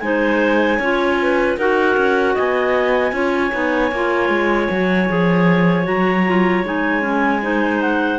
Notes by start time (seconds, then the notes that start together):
0.00 G#3 D#4 C5 G#5
0.78 C#4 F4 C#5
1.22 B4
1.58 D#4 F#4 A#4 F#5
1.97 C#4
2.35 B3 D#5 G#5
3.12 C#4 F4 C#5
3.52 B3 D#4
3.92 A#3 F4
4.29 G#3
4.71 F#3 F#4
5.09 F3 G#4
5.84 F#3 F#4 A#5
6.28 F4
6.64 G#3 D#4 G#5
7.02 C#4
7.43 D#4 C5
7.82 F#5